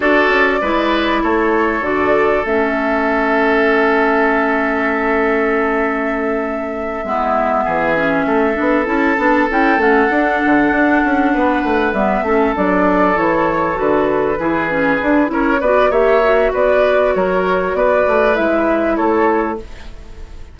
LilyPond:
<<
  \new Staff \with { instrumentName = "flute" } { \time 4/4 \tempo 4 = 98 d''2 cis''4 d''4 | e''1~ | e''1~ | e''2~ e''8 a''4 g''8 |
fis''2.~ fis''8 e''8~ | e''8 d''4 cis''4 b'4.~ | b'4 cis''8 d''8 e''4 d''4 | cis''4 d''4 e''4 cis''4 | }
  \new Staff \with { instrumentName = "oboe" } { \time 4/4 a'4 b'4 a'2~ | a'1~ | a'2.~ a'8 e'8~ | e'8 gis'4 a'2~ a'8~ |
a'2~ a'8 b'4. | a'2.~ a'8 gis'8~ | gis'4 ais'8 b'8 cis''4 b'4 | ais'4 b'2 a'4 | }
  \new Staff \with { instrumentName = "clarinet" } { \time 4/4 fis'4 e'2 fis'4 | cis'1~ | cis'2.~ cis'8 b8~ | b4 cis'4 d'8 e'8 d'8 e'8 |
cis'8 d'2. b8 | cis'8 d'4 e'4 fis'4 e'8 | cis'8 d'8 e'8 fis'8 g'8 fis'4.~ | fis'2 e'2 | }
  \new Staff \with { instrumentName = "bassoon" } { \time 4/4 d'8 cis'8 gis4 a4 d4 | a1~ | a2.~ a8 gis8~ | gis8 e4 a8 b8 cis'8 b8 cis'8 |
a8 d'8 d8 d'8 cis'8 b8 a8 g8 | a8 fis4 e4 d4 e8~ | e8 d'8 cis'8 b8 ais4 b4 | fis4 b8 a8 gis4 a4 | }
>>